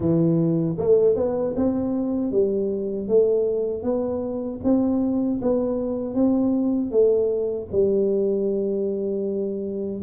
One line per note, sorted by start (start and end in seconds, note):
0.00 0.76 E3
0.77 1.15 A3
1.15 1.54 B3
1.56 2.31 C4
2.31 3.08 G3
3.08 3.83 A3
3.83 4.59 B3
4.63 5.40 C4
5.41 6.14 B3
6.14 6.91 C4
6.91 7.67 A3
7.71 10.02 G3